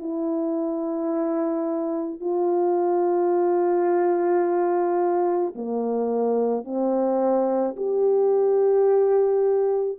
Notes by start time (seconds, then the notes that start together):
0.00 E4
2.21 F4
5.56 A#3
6.65 C4
7.77 G4